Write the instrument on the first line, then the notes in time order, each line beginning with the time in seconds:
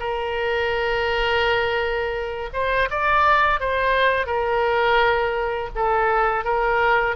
oboe
0.00 A#4
2.54 C5
2.91 D5
3.61 C5
4.27 A#4
5.76 A4
6.45 A#4